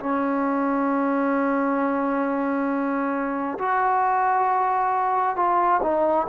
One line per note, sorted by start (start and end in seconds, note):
0.00 3.58 C#4
3.59 5.36 F#4
5.36 5.81 F4
5.82 6.27 D#4